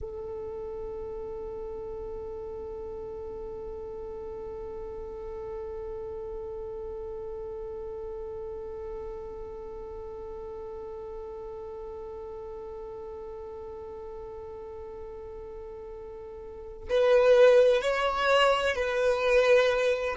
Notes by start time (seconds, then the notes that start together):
0.01 A4
16.89 B4
17.81 C#5
18.75 B4